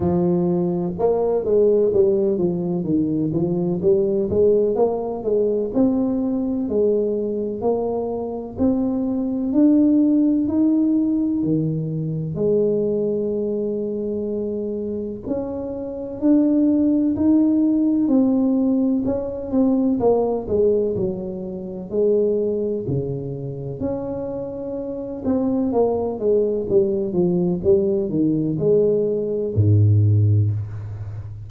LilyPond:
\new Staff \with { instrumentName = "tuba" } { \time 4/4 \tempo 4 = 63 f4 ais8 gis8 g8 f8 dis8 f8 | g8 gis8 ais8 gis8 c'4 gis4 | ais4 c'4 d'4 dis'4 | dis4 gis2. |
cis'4 d'4 dis'4 c'4 | cis'8 c'8 ais8 gis8 fis4 gis4 | cis4 cis'4. c'8 ais8 gis8 | g8 f8 g8 dis8 gis4 gis,4 | }